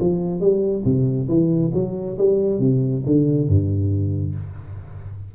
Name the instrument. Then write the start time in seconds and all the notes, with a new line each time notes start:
tuba
0.00 F3
0.40 G3
0.85 C3
1.28 E3
1.74 F#3
2.18 G3
2.59 C3
3.06 D3
3.48 G2